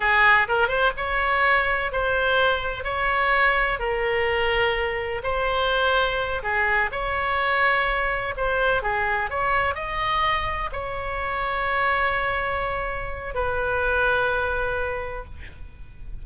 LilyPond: \new Staff \with { instrumentName = "oboe" } { \time 4/4 \tempo 4 = 126 gis'4 ais'8 c''8 cis''2 | c''2 cis''2 | ais'2. c''4~ | c''4. gis'4 cis''4.~ |
cis''4. c''4 gis'4 cis''8~ | cis''8 dis''2 cis''4.~ | cis''1 | b'1 | }